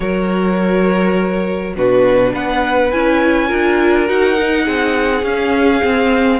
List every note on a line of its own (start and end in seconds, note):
0.00 1.74 F#3
0.00 1.75 F#4
0.00 1.75 A#4
0.00 1.75 C#5
1.75 2.33 B2
1.75 2.92 D4
1.75 2.32 F#4
1.75 2.34 B4
2.32 2.93 B3
2.32 3.47 B4
2.32 2.91 F#5
2.91 3.51 C#4
2.91 3.48 E4
2.91 4.08 G#5
3.47 4.09 D4
3.47 4.06 F4
3.47 4.64 A#4
4.06 4.67 D#4
4.06 4.34 F#4
4.06 5.24 F#5
4.34 5.21 D#4
4.64 5.22 C4
4.64 6.39 G#4
5.22 5.80 C#4
5.22 5.82 C#4
5.22 6.39 F5
5.82 6.39 C4